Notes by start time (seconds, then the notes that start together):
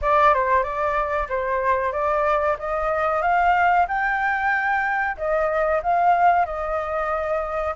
0.01 D5
0.33 C5
0.63 D5
1.28 C5
1.92 D5
2.58 D#5
3.21 F5
3.87 G5
5.17 D#5
5.82 F5
6.45 D#5